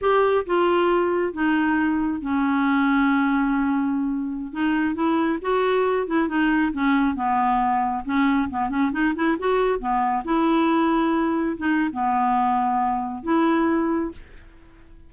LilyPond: \new Staff \with { instrumentName = "clarinet" } { \time 4/4 \tempo 4 = 136 g'4 f'2 dis'4~ | dis'4 cis'2.~ | cis'2~ cis'16 dis'4 e'8.~ | e'16 fis'4. e'8 dis'4 cis'8.~ |
cis'16 b2 cis'4 b8 cis'16~ | cis'16 dis'8 e'8 fis'4 b4 e'8.~ | e'2~ e'16 dis'8. b4~ | b2 e'2 | }